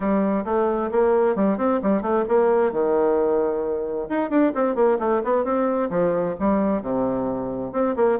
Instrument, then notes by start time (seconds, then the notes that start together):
bassoon
0.00 G3
0.44 A3
0.91 A#3
1.35 G3
1.57 C4
1.82 G3
2.01 A3
2.28 A#3
2.72 D#3
4.09 D#4
4.30 D4
4.54 C4
4.75 A#3
4.99 A3
5.24 B3
5.44 C4
5.90 F3
6.39 G3
6.82 C3
7.72 C4
7.96 A#3